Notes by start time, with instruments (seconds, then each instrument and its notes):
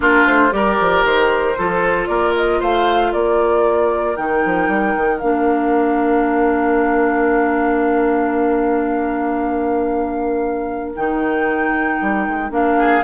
0.00 bassoon A#3, clarinet D4, oboe F4, flute A#4
0.26 bassoon A3, flute C5
0.50 bassoon G3, clarinet G4, oboe A#4, flute D5
0.79 bassoon F3
1.04 bassoon D#3, flute C5
1.58 bassoon F3, clarinet F4, oboe A4
2.06 bassoon A#3, oboe A#4, flute D5
2.36 flute D#5
2.59 bassoon A3, oboe C5, flute F5
3.12 bassoon A#3, oboe A#4, flute D5
4.16 bassoon D#3, clarinet D#4, flute G5
4.45 bassoon F3
4.68 bassoon G3
4.96 bassoon D#3
5.18 bassoon A#3, clarinet D4, flute F5
10.95 bassoon D#3, clarinet D#4, flute G5
12.01 bassoon G3
12.27 bassoon G#3
12.50 bassoon A#3, clarinet D4, flute F5
12.78 oboe G#4